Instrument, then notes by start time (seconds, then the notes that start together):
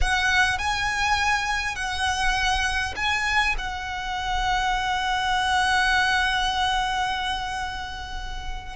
violin
0.01 F#5
0.58 G#5
1.75 F#5
2.96 G#5
3.58 F#5